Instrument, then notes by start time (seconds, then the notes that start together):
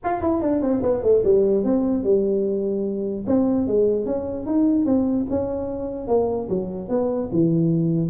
tuba
0.04 F4
0.21 E4
0.41 D4
0.61 C4
0.82 B3
1.02 A3
1.24 G3
1.63 C4
2.03 G3
3.27 C4
3.67 G#3
4.05 C#4
4.46 D#4
4.85 C4
5.29 C#4
6.07 A#3
6.49 F#3
6.88 B3
7.32 E3